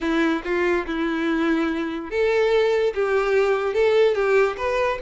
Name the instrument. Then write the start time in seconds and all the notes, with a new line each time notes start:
violin
0.00 E4
0.44 F4
0.86 E4
2.10 A4
2.94 G4
3.73 A4
4.15 G4
4.57 B4